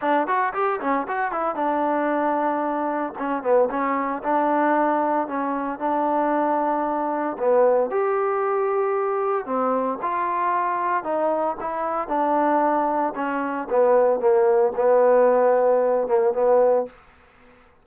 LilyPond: \new Staff \with { instrumentName = "trombone" } { \time 4/4 \tempo 4 = 114 d'8 fis'8 g'8 cis'8 fis'8 e'8 d'4~ | d'2 cis'8 b8 cis'4 | d'2 cis'4 d'4~ | d'2 b4 g'4~ |
g'2 c'4 f'4~ | f'4 dis'4 e'4 d'4~ | d'4 cis'4 b4 ais4 | b2~ b8 ais8 b4 | }